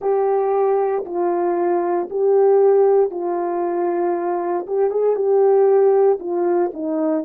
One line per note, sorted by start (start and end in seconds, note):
0.00 1.04 G4
1.05 2.08 F4
2.09 3.10 G4
3.10 4.66 F4
4.66 4.90 G4
4.90 5.15 G#4
5.15 6.18 G4
6.19 6.71 F4
6.73 7.24 D#4